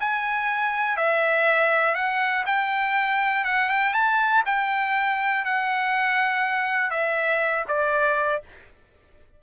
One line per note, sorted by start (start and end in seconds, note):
0.00 0.97 G#5
0.97 1.95 E5
1.95 2.45 F#5
2.46 3.44 G5
3.44 3.69 F#5
3.69 3.94 G5
3.94 4.43 A5
4.46 5.45 G5
5.45 6.90 F#5
6.90 7.65 E5
7.68 8.43 D5